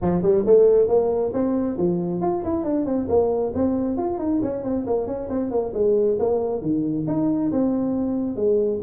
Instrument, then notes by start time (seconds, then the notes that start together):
tuba
0.01 F3
0.22 G3
0.45 A3
0.88 A#3
1.33 C4
1.77 F3
2.21 F4
2.44 E4
2.64 D4
2.85 C4
3.09 A#3
3.54 C4
3.97 F4
4.18 D#4
4.42 C#4
4.63 C4
4.86 A#3
5.06 C#4
5.29 C4
5.50 A#3
5.73 G#3
6.19 A#3
6.61 D#3
7.07 D#4
7.51 C4
8.35 G#3